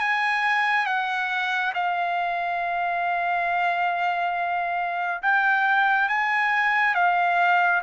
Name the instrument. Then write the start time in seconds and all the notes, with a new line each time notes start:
trumpet
0.00 G#5
0.87 F#5
1.74 F5
5.23 G5
6.09 G#5
6.95 F5